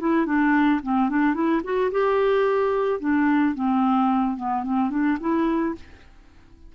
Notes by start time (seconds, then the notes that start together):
0.00 E4
0.26 D4
0.83 C4
1.09 D4
1.34 E4
1.64 F#4
1.92 G4
3.00 D4
3.55 C4
4.37 B3
4.64 C4
4.90 D4
5.20 E4